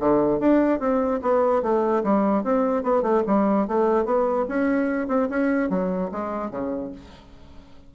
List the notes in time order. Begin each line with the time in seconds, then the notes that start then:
0.00 D3
0.40 D4
0.80 C4
1.22 B3
1.63 A3
2.04 G3
2.44 C4
2.84 B3
3.03 A3
3.27 G3
3.68 A3
4.06 B3
4.49 C#4
5.08 C4
5.30 C#4
5.70 F#3
6.12 G#3
6.51 C#3